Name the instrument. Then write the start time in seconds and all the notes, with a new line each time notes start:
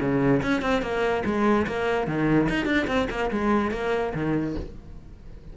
cello
0.00 C#3
0.42 C#4
0.61 C4
0.82 A#3
1.25 G#3
1.66 A#3
2.07 D#3
2.49 D#4
2.65 D4
2.87 C4
3.10 A#3
3.30 G#3
3.71 A#3
4.14 D#3